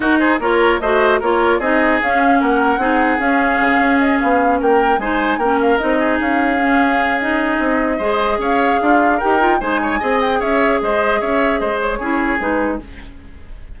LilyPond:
<<
  \new Staff \with { instrumentName = "flute" } { \time 4/4 \tempo 4 = 150 ais'8 c''8 cis''4 dis''4 cis''4 | dis''4 f''4 fis''2 | f''2 dis''8 f''4 g''8~ | g''8 gis''4 g''8 f''8 dis''4 f''8~ |
f''2 dis''2~ | dis''4 f''2 g''4 | gis''4. g''8 e''4 dis''4 | e''4 dis''8 cis''4. b'4 | }
  \new Staff \with { instrumentName = "oboe" } { \time 4/4 fis'8 gis'8 ais'4 c''4 ais'4 | gis'2 ais'4 gis'4~ | gis'2.~ gis'8 ais'8~ | ais'8 c''4 ais'4. gis'4~ |
gis'1 | c''4 cis''4 f'4 ais'4 | c''8 cis''8 dis''4 cis''4 c''4 | cis''4 c''4 gis'2 | }
  \new Staff \with { instrumentName = "clarinet" } { \time 4/4 dis'4 f'4 fis'4 f'4 | dis'4 cis'2 dis'4 | cis'1~ | cis'8 dis'4 cis'4 dis'4.~ |
dis'8 cis'4. dis'2 | gis'2. g'8 f'8 | dis'4 gis'2.~ | gis'2 e'4 dis'4 | }
  \new Staff \with { instrumentName = "bassoon" } { \time 4/4 dis'4 ais4 a4 ais4 | c'4 cis'4 ais4 c'4 | cis'4 cis8 cis'4 b4 ais8~ | ais8 gis4 ais4 c'4 cis'8~ |
cis'2. c'4 | gis4 cis'4 d'4 dis'4 | gis4 c'4 cis'4 gis4 | cis'4 gis4 cis'4 gis4 | }
>>